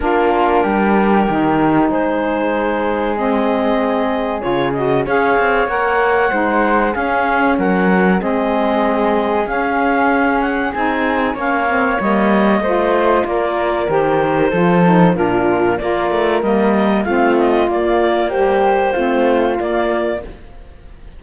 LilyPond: <<
  \new Staff \with { instrumentName = "clarinet" } { \time 4/4 \tempo 4 = 95 ais'2. c''4~ | c''4 dis''2 cis''8 dis''8 | f''4 fis''2 f''4 | fis''4 dis''2 f''4~ |
f''8 fis''8 gis''4 f''4 dis''4~ | dis''4 d''4 c''2 | ais'4 d''4 dis''4 f''8 dis''8 | d''4 c''2 d''4 | }
  \new Staff \with { instrumentName = "flute" } { \time 4/4 f'4 g'2 gis'4~ | gis'1 | cis''2 c''4 gis'4 | ais'4 gis'2.~ |
gis'2 cis''2 | c''4 ais'2 a'4 | f'4 ais'2 f'4~ | f'4 g'4 f'2 | }
  \new Staff \with { instrumentName = "saxophone" } { \time 4/4 d'2 dis'2~ | dis'4 c'2 f'8 fis'8 | gis'4 ais'4 dis'4 cis'4~ | cis'4 c'2 cis'4~ |
cis'4 dis'4 cis'8 c'8 ais4 | f'2 g'4 f'8 dis'8 | d'4 f'4 ais4 c'4 | ais4 g4 c'4 ais4 | }
  \new Staff \with { instrumentName = "cello" } { \time 4/4 ais4 g4 dis4 gis4~ | gis2. cis4 | cis'8 c'8 ais4 gis4 cis'4 | fis4 gis2 cis'4~ |
cis'4 c'4 ais4 g4 | a4 ais4 dis4 f4 | ais,4 ais8 a8 g4 a4 | ais2 a4 ais4 | }
>>